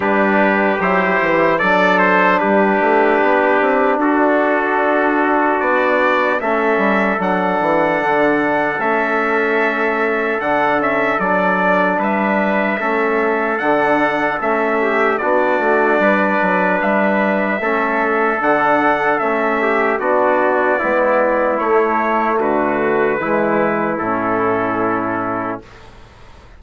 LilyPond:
<<
  \new Staff \with { instrumentName = "trumpet" } { \time 4/4 \tempo 4 = 75 b'4 c''4 d''8 c''8 b'4~ | b'4 a'2 d''4 | e''4 fis''2 e''4~ | e''4 fis''8 e''8 d''4 e''4~ |
e''4 fis''4 e''4 d''4~ | d''4 e''2 fis''4 | e''4 d''2 cis''4 | b'2 a'2 | }
  \new Staff \with { instrumentName = "trumpet" } { \time 4/4 g'2 a'4 g'4~ | g'4 fis'2. | a'1~ | a'2. b'4 |
a'2~ a'8 g'8 fis'4 | b'2 a'2~ | a'8 g'8 fis'4 e'2 | fis'4 e'2. | }
  \new Staff \with { instrumentName = "trombone" } { \time 4/4 d'4 e'4 d'2~ | d'1 | cis'4 d'2 cis'4~ | cis'4 d'8 cis'8 d'2 |
cis'4 d'4 cis'4 d'4~ | d'2 cis'4 d'4 | cis'4 d'4 b4 a4~ | a4 gis4 cis'2 | }
  \new Staff \with { instrumentName = "bassoon" } { \time 4/4 g4 fis8 e8 fis4 g8 a8 | b8 c'8 d'2 b4 | a8 g8 fis8 e8 d4 a4~ | a4 d4 fis4 g4 |
a4 d4 a4 b8 a8 | g8 fis8 g4 a4 d4 | a4 b4 gis4 a4 | d4 e4 a,2 | }
>>